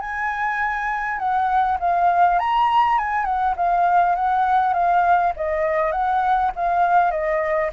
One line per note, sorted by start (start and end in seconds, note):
0.00 1.18 G#5
1.18 1.77 F#5
1.79 2.39 F5
2.39 2.98 A#5
2.98 3.25 G#5
3.25 3.54 F#5
3.56 4.15 F5
4.15 4.73 F#5
4.73 5.32 F5
5.36 5.92 D#5
5.92 6.51 F#5
6.55 7.11 F5
7.11 7.70 D#5